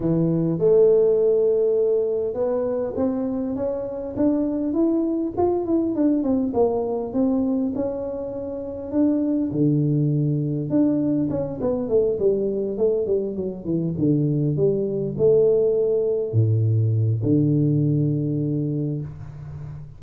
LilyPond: \new Staff \with { instrumentName = "tuba" } { \time 4/4 \tempo 4 = 101 e4 a2. | b4 c'4 cis'4 d'4 | e'4 f'8 e'8 d'8 c'8 ais4 | c'4 cis'2 d'4 |
d2 d'4 cis'8 b8 | a8 g4 a8 g8 fis8 e8 d8~ | d8 g4 a2 a,8~ | a,4 d2. | }